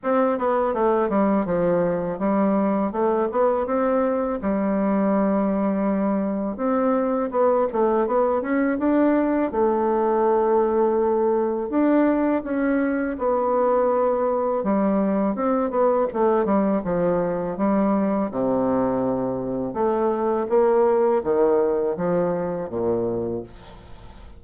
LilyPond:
\new Staff \with { instrumentName = "bassoon" } { \time 4/4 \tempo 4 = 82 c'8 b8 a8 g8 f4 g4 | a8 b8 c'4 g2~ | g4 c'4 b8 a8 b8 cis'8 | d'4 a2. |
d'4 cis'4 b2 | g4 c'8 b8 a8 g8 f4 | g4 c2 a4 | ais4 dis4 f4 ais,4 | }